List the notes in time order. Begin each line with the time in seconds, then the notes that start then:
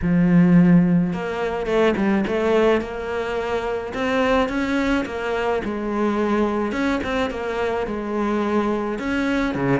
0.02 F3
1.13 A#3
1.66 A3
1.96 G3
2.27 A3
2.81 A#3
3.94 C4
4.49 C#4
5.05 A#3
5.64 G#3
6.72 C#4
7.03 C4
7.30 A#3
7.87 G#3
8.98 C#4
9.55 C#3